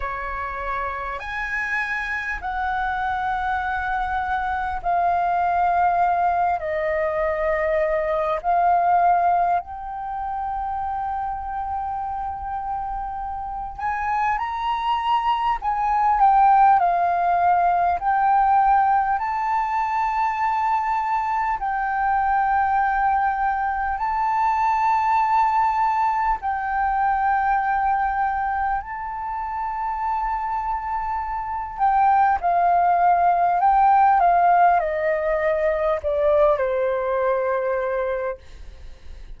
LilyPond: \new Staff \with { instrumentName = "flute" } { \time 4/4 \tempo 4 = 50 cis''4 gis''4 fis''2 | f''4. dis''4. f''4 | g''2.~ g''8 gis''8 | ais''4 gis''8 g''8 f''4 g''4 |
a''2 g''2 | a''2 g''2 | a''2~ a''8 g''8 f''4 | g''8 f''8 dis''4 d''8 c''4. | }